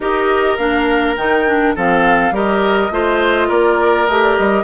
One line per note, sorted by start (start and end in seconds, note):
0.00 0.57 D#4
0.00 0.58 G4
0.00 1.75 A#4
0.00 0.57 D#5
0.57 1.16 A#3
0.57 1.17 D4
0.57 1.15 F5
1.16 1.75 D#3
1.16 1.46 D#4
1.16 1.75 G5
1.46 1.75 D4
1.75 2.31 F3
1.75 2.32 C4
1.75 2.33 A4
1.75 2.36 F5
2.31 2.89 G3
2.31 2.91 G4
2.31 2.92 A#4
2.31 3.50 D#5
2.90 3.49 A3
2.90 4.07 F4
2.90 3.47 C5
3.47 4.07 A#3
3.47 4.63 A#4
3.47 4.06 D5
4.06 4.37 A3
4.06 4.63 G4
4.06 4.21 D#5
4.22 4.36 D5
4.36 4.63 G3
4.36 4.63 D#5